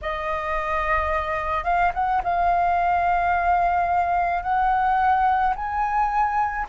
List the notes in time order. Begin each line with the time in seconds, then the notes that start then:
0.02 D#5
1.64 F5
1.94 F#5
2.23 F5
4.42 F#5
5.56 G#5